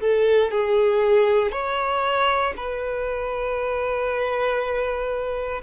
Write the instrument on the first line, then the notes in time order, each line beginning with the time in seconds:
violin
0.00 A4
0.50 G#4
1.52 C#5
2.57 B4